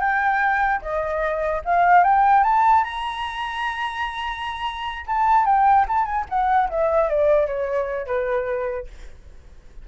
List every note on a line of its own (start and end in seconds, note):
0.00 0.81 G5
0.81 1.62 D#5
1.65 2.03 F5
2.03 2.43 G5
2.43 2.84 A5
2.84 5.05 A#5
5.06 5.45 A5
5.45 5.86 G5
5.88 6.05 A5
6.05 6.25 G#5
6.29 6.69 F#5
6.70 7.09 E5
7.09 7.47 D5
7.47 8.06 C#5
8.06 8.87 B4